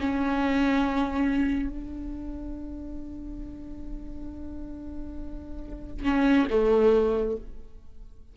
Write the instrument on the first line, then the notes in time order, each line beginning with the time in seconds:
viola
0.00 C#4
1.69 D4
6.04 C#4
6.50 A3